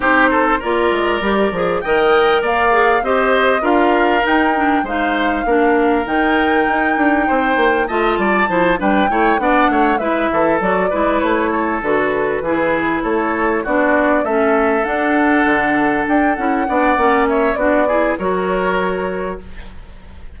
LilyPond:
<<
  \new Staff \with { instrumentName = "flute" } { \time 4/4 \tempo 4 = 99 c''4 d''2 g''4 | f''4 dis''4 f''4 g''4 | f''2 g''2~ | g''4 a''4. g''4 fis''8~ |
fis''8 e''4 d''4 cis''4 b'8~ | b'4. cis''4 d''4 e''8~ | e''8 fis''2 g''8 fis''4~ | fis''8 e''8 d''4 cis''2 | }
  \new Staff \with { instrumentName = "oboe" } { \time 4/4 g'8 a'8 ais'2 dis''4 | d''4 c''4 ais'2 | c''4 ais'2. | c''4 dis''8 d''8 c''8 b'8 cis''8 d''8 |
cis''8 b'8 a'4 b'4 a'4~ | a'8 gis'4 a'4 fis'4 a'8~ | a'2.~ a'8 d''8~ | d''8 cis''8 fis'8 gis'8 ais'2 | }
  \new Staff \with { instrumentName = "clarinet" } { \time 4/4 dis'4 f'4 g'8 gis'8 ais'4~ | ais'8 gis'8 g'4 f'4 dis'8 d'8 | dis'4 d'4 dis'2~ | dis'4 f'4 e'8 d'8 e'8 d'8~ |
d'8 e'4 fis'8 e'4. fis'8~ | fis'8 e'2 d'4 cis'8~ | cis'8 d'2~ d'8 e'8 d'8 | cis'4 d'8 e'8 fis'2 | }
  \new Staff \with { instrumentName = "bassoon" } { \time 4/4 c'4 ais8 gis8 g8 f8 dis4 | ais4 c'4 d'4 dis'4 | gis4 ais4 dis4 dis'8 d'8 | c'8 ais8 a8 g8 f8 g8 a8 b8 |
a8 gis8 e8 fis8 gis8 a4 d8~ | d8 e4 a4 b4 a8~ | a8 d'4 d4 d'8 cis'8 b8 | ais4 b4 fis2 | }
>>